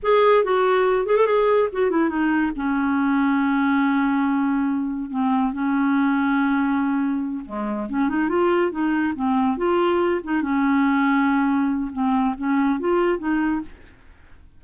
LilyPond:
\new Staff \with { instrumentName = "clarinet" } { \time 4/4 \tempo 4 = 141 gis'4 fis'4. gis'16 a'16 gis'4 | fis'8 e'8 dis'4 cis'2~ | cis'1 | c'4 cis'2.~ |
cis'4. gis4 cis'8 dis'8 f'8~ | f'8 dis'4 c'4 f'4. | dis'8 cis'2.~ cis'8 | c'4 cis'4 f'4 dis'4 | }